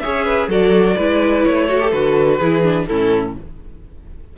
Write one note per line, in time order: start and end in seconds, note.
0.00 0.48 C#4
0.00 0.50 G#4
0.00 0.25 C#5
0.00 0.48 E5
0.25 0.49 B4
0.48 0.96 F#3
0.48 0.98 F#4
0.48 0.97 A4
0.48 1.45 D5
0.97 1.46 G#3
0.97 1.69 E4
0.97 1.67 B4
1.45 1.92 A3
1.45 1.91 C#5
1.67 1.81 F#4
1.67 2.38 A4
1.81 1.93 G4
1.91 2.40 D3
1.91 2.40 F#4
1.91 2.86 B4
2.39 2.88 E3
2.39 2.64 E4
2.39 2.86 G#4
2.64 2.88 D4
2.86 3.37 A2
2.86 3.38 C#4
2.86 3.37 E4
2.86 3.34 A4